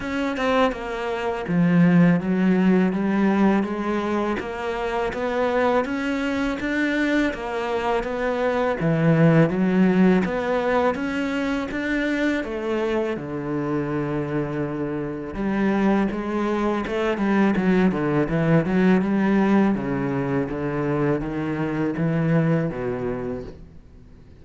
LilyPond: \new Staff \with { instrumentName = "cello" } { \time 4/4 \tempo 4 = 82 cis'8 c'8 ais4 f4 fis4 | g4 gis4 ais4 b4 | cis'4 d'4 ais4 b4 | e4 fis4 b4 cis'4 |
d'4 a4 d2~ | d4 g4 gis4 a8 g8 | fis8 d8 e8 fis8 g4 cis4 | d4 dis4 e4 b,4 | }